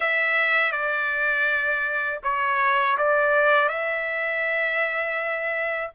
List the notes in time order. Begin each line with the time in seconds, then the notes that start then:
0.00 E5
0.72 D5
2.23 C#5
2.97 D5
3.68 E5